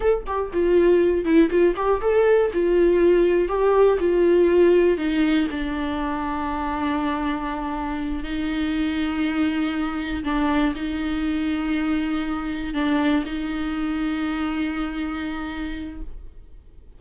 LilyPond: \new Staff \with { instrumentName = "viola" } { \time 4/4 \tempo 4 = 120 a'8 g'8 f'4. e'8 f'8 g'8 | a'4 f'2 g'4 | f'2 dis'4 d'4~ | d'1~ |
d'8 dis'2.~ dis'8~ | dis'8 d'4 dis'2~ dis'8~ | dis'4. d'4 dis'4.~ | dis'1 | }